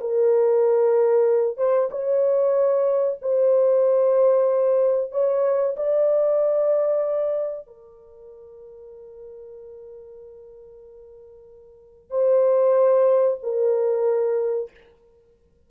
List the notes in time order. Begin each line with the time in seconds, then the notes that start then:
0.00 A#4
1.57 C5
1.91 C#5
3.21 C5
5.12 C#5
5.76 D5
7.67 A#4
12.10 C5
13.42 A#4